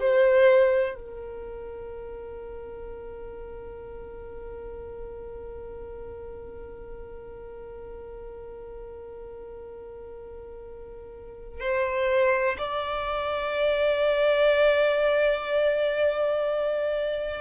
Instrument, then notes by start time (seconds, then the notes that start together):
violin
0.00 C5
0.95 A#4
11.60 C5
12.58 D5